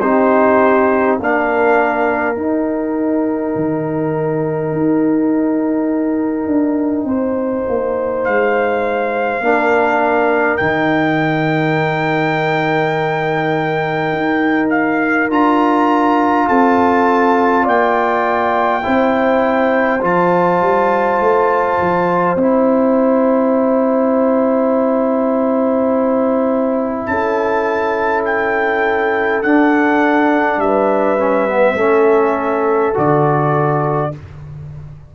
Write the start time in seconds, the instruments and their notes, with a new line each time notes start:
0.00 tuba C4, trombone D#4, horn G4, trumpet C5
1.19 tuba A#3, trombone D4, horn A#4, trumpet F5
2.35 trombone D#4, tuba D#4, trumpet G5
3.55 tuba D#3
4.72 tuba D#4
6.46 tuba D4
7.04 tuba C4, horn C5
7.68 tuba A#3
8.24 tuba G#3, trumpet F5
9.40 tuba A#3, trombone D4, horn A#4
10.57 tuba D#3, trombone D#4, trumpet G5
14.12 tuba D#4
14.70 trumpet F5
15.29 tuba D4, trombone F4, trumpet A#5
16.47 tuba C4, horn A4, trumpet A5
17.63 tuba A#3, horn D5, trumpet G5
18.82 tuba C4, trombone E4, horn C5
20.01 tuba F3, trombone F4, trumpet A5
20.61 tuba G3
21.20 tuba A3
21.80 tuba F3
22.35 tuba C4, trombone E4, trumpet G5
27.06 tuba C#4, horn A4, trumpet A5
28.25 trumpet G5
29.42 tuba D4, trombone D4, trumpet F#5
30.57 tuba G3, trumpet E5
30.63 horn B4
31.18 trombone C#4
31.48 trombone B3
31.75 tuba A3, trombone C#4, horn A4
32.94 tuba D3, trombone F#4, trumpet D5